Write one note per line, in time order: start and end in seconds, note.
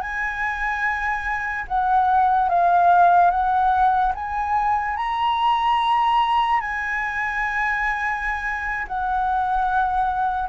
0.00 1.64 G#5
1.67 2.48 F#5
2.48 3.30 F5
3.30 4.12 F#5
4.14 4.96 G#5
4.96 6.60 A#5
6.60 8.86 G#5
8.87 10.49 F#5